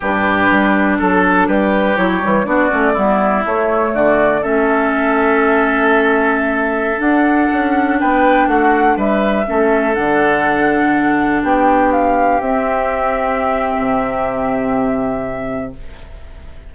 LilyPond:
<<
  \new Staff \with { instrumentName = "flute" } { \time 4/4 \tempo 4 = 122 b'2 a'4 b'4 | cis''4 d''2 cis''4 | d''4 e''2.~ | e''2~ e''16 fis''4.~ fis''16~ |
fis''16 g''4 fis''4 e''4.~ e''16~ | e''16 fis''2. g''8.~ | g''16 f''4 e''2~ e''8.~ | e''1 | }
  \new Staff \with { instrumentName = "oboe" } { \time 4/4 g'2 a'4 g'4~ | g'4 fis'4 e'2 | fis'4 a'2.~ | a'1~ |
a'16 b'4 fis'4 b'4 a'8.~ | a'2.~ a'16 g'8.~ | g'1~ | g'1 | }
  \new Staff \with { instrumentName = "clarinet" } { \time 4/4 d'1 | e'8 g8 d'8 cis'8 b4 a4~ | a4 cis'2.~ | cis'2~ cis'16 d'4.~ d'16~ |
d'2.~ d'16 cis'8.~ | cis'16 d'2.~ d'8.~ | d'4~ d'16 c'2~ c'8.~ | c'1 | }
  \new Staff \with { instrumentName = "bassoon" } { \time 4/4 g,4 g4 fis4 g4 | fis8 e8 b8 a8 g4 a4 | d4 a2.~ | a2~ a16 d'4 cis'8.~ |
cis'16 b4 a4 g4 a8.~ | a16 d2. b8.~ | b4~ b16 c'2~ c'8. | c1 | }
>>